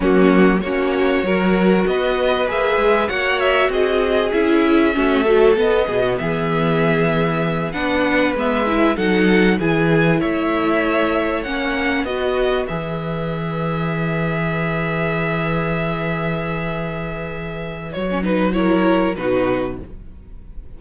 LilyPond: <<
  \new Staff \with { instrumentName = "violin" } { \time 4/4 \tempo 4 = 97 fis'4 cis''2 dis''4 | e''4 fis''8 e''8 dis''4 e''4~ | e''4 dis''4 e''2~ | e''8 fis''4 e''4 fis''4 gis''8~ |
gis''8 e''2 fis''4 dis''8~ | dis''8 e''2.~ e''8~ | e''1~ | e''4 cis''8 b'8 cis''4 b'4 | }
  \new Staff \with { instrumentName = "violin" } { \time 4/4 cis'4 fis'4 ais'4 b'4~ | b'4 cis''4 gis'2 | fis'8 a'4 gis'16 fis'16 gis'2~ | gis'8 b'2 a'4 gis'8~ |
gis'8 cis''2. b'8~ | b'1~ | b'1~ | b'2 ais'4 fis'4 | }
  \new Staff \with { instrumentName = "viola" } { \time 4/4 ais4 cis'4 fis'2 | gis'4 fis'2 e'4 | cis'8 fis8 b2.~ | b8 d'4 b8 e'8 dis'4 e'8~ |
e'2~ e'8 cis'4 fis'8~ | fis'8 gis'2.~ gis'8~ | gis'1~ | gis'4 fis'16 cis'16 dis'8 e'4 dis'4 | }
  \new Staff \with { instrumentName = "cello" } { \time 4/4 fis4 ais4 fis4 b4 | ais8 gis8 ais4 c'4 cis'4 | a4 b8 b,8 e2~ | e8 b4 gis4 fis4 e8~ |
e8 a2 ais4 b8~ | b8 e2.~ e8~ | e1~ | e4 fis2 b,4 | }
>>